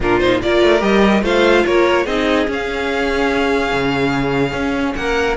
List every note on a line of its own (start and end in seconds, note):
0.00 0.40 A#2
0.00 0.21 D4
0.00 0.42 F4
0.00 0.19 A#4
0.19 0.42 D#4
0.19 0.40 C5
0.42 0.62 A#3
0.42 0.79 F4
0.42 1.23 A#4
0.42 0.82 D5
0.62 0.81 A3
0.79 1.22 G3
0.79 1.20 G4
0.79 1.23 D#5
1.22 1.64 A3
1.22 2.06 F4
1.22 1.64 C5
1.22 1.65 F5
1.65 2.06 A#3
1.65 2.04 A#4
1.65 2.06 C#5
2.04 2.47 C4
2.04 2.47 D#4
2.04 4.94 G#4
2.04 2.47 D#5
2.47 5.36 C#4
2.47 3.71 C#4
2.47 4.94 F5
3.72 4.52 C#3
4.52 4.94 C#4
4.94 5.36 A#3
4.94 5.36 A#4
4.94 5.36 F#5